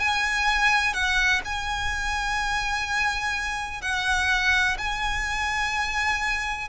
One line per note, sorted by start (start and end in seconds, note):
0.00 0.94 G#5
0.94 1.42 F#5
1.45 3.82 G#5
3.82 4.77 F#5
4.78 6.69 G#5